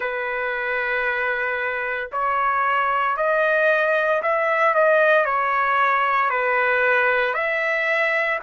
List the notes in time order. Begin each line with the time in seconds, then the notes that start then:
0.00 B4
2.11 C#5
3.16 D#5
4.22 E5
4.74 D#5
5.25 C#5
6.30 B4
7.33 E5